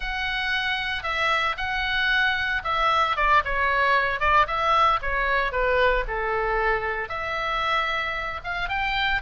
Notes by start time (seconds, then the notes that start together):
0.00 F#5
1.03 E5
1.57 F#5
2.63 E5
3.16 D5
3.44 C#5
4.20 D5
4.47 E5
5.01 C#5
5.51 B4
6.07 A4
7.08 E5
8.43 F5
8.68 G5